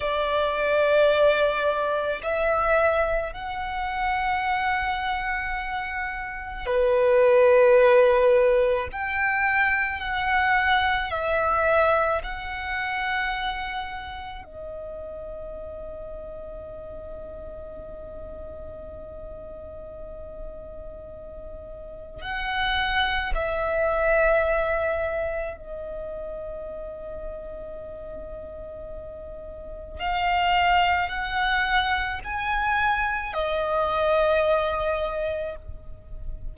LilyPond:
\new Staff \with { instrumentName = "violin" } { \time 4/4 \tempo 4 = 54 d''2 e''4 fis''4~ | fis''2 b'2 | g''4 fis''4 e''4 fis''4~ | fis''4 dis''2.~ |
dis''1 | fis''4 e''2 dis''4~ | dis''2. f''4 | fis''4 gis''4 dis''2 | }